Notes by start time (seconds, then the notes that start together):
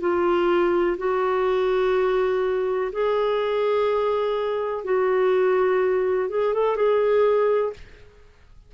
0.00 F4
0.98 F#4
2.92 G#4
4.83 F#4
6.29 G#4
6.53 A4
6.76 G#4